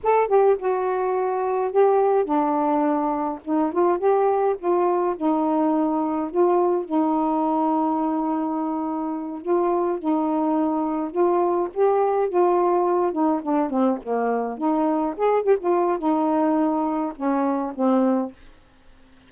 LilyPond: \new Staff \with { instrumentName = "saxophone" } { \time 4/4 \tempo 4 = 105 a'8 g'8 fis'2 g'4 | d'2 dis'8 f'8 g'4 | f'4 dis'2 f'4 | dis'1~ |
dis'8 f'4 dis'2 f'8~ | f'8 g'4 f'4. dis'8 d'8 | c'8 ais4 dis'4 gis'8 g'16 f'8. | dis'2 cis'4 c'4 | }